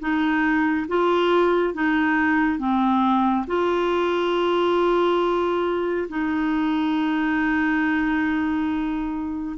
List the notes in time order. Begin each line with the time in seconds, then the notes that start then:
0.00 D#4
0.88 F4
1.74 D#4
2.59 C4
3.47 F4
6.09 D#4